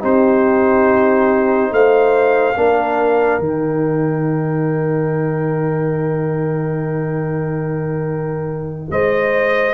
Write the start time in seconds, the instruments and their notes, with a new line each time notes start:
0.00 tuba C4, trombone D#4, horn G4, trumpet C5
1.71 tuba A3, horn C5, trumpet F5
2.56 tuba A#3, trombone D4, horn A#4
3.39 tuba D#3, trombone D#4, trumpet G5
8.90 tuba G#3, horn C5, trumpet D#5